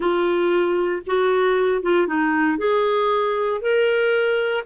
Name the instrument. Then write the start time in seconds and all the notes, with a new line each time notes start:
clarinet
0.00 F4
1.06 F#4
1.82 F4
2.07 D#4
2.58 G#4
3.61 A#4